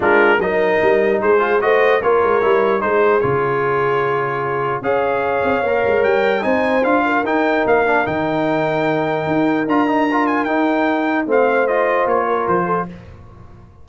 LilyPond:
<<
  \new Staff \with { instrumentName = "trumpet" } { \time 4/4 \tempo 4 = 149 ais'4 dis''2 c''4 | dis''4 cis''2 c''4 | cis''1 | f''2. g''4 |
gis''4 f''4 g''4 f''4 | g''1 | ais''4. gis''8 g''2 | f''4 dis''4 cis''4 c''4 | }
  \new Staff \with { instrumentName = "horn" } { \time 4/4 f'4 ais'2 gis'4 | c''4 ais'2 gis'4~ | gis'1 | cis''1 |
c''4. ais'2~ ais'8~ | ais'1~ | ais'1 | c''2~ c''8 ais'4 a'8 | }
  \new Staff \with { instrumentName = "trombone" } { \time 4/4 d'4 dis'2~ dis'8 f'8 | fis'4 f'4 e'4 dis'4 | f'1 | gis'2 ais'2 |
dis'4 f'4 dis'4. d'8 | dis'1 | f'8 dis'8 f'4 dis'2 | c'4 f'2. | }
  \new Staff \with { instrumentName = "tuba" } { \time 4/4 gis4 fis4 g4 gis4 | a4 ais8 gis8 g4 gis4 | cis1 | cis'4. c'8 ais8 gis8 g4 |
c'4 d'4 dis'4 ais4 | dis2. dis'4 | d'2 dis'2 | a2 ais4 f4 | }
>>